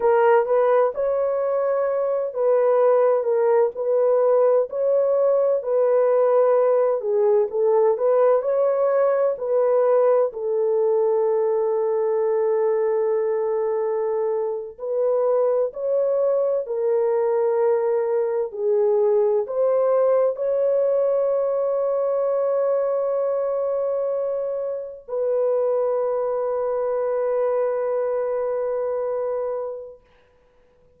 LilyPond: \new Staff \with { instrumentName = "horn" } { \time 4/4 \tempo 4 = 64 ais'8 b'8 cis''4. b'4 ais'8 | b'4 cis''4 b'4. gis'8 | a'8 b'8 cis''4 b'4 a'4~ | a'2.~ a'8. b'16~ |
b'8. cis''4 ais'2 gis'16~ | gis'8. c''4 cis''2~ cis''16~ | cis''2~ cis''8. b'4~ b'16~ | b'1 | }